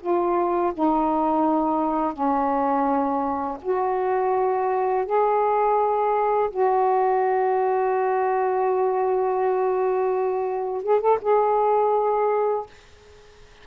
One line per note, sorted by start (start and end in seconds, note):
0.00 0.72 F4
0.73 2.13 D#4
2.13 3.58 C#4
3.62 5.05 F#4
5.05 6.50 G#4
6.50 10.83 F#4
10.83 11.00 G#4
11.00 11.18 A4
11.21 12.66 G#4